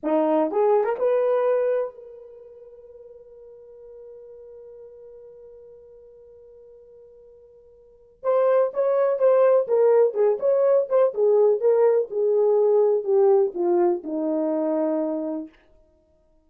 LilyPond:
\new Staff \with { instrumentName = "horn" } { \time 4/4 \tempo 4 = 124 dis'4 gis'8. ais'16 b'2 | ais'1~ | ais'1~ | ais'1~ |
ais'4 c''4 cis''4 c''4 | ais'4 gis'8 cis''4 c''8 gis'4 | ais'4 gis'2 g'4 | f'4 dis'2. | }